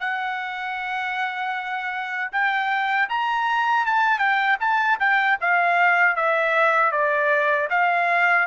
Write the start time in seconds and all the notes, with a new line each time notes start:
0.00 F#5
2.32 G5
3.09 A#5
3.86 A5
4.19 G5
4.59 A5
4.99 G5
5.41 F5
6.16 E5
6.91 D5
7.70 F5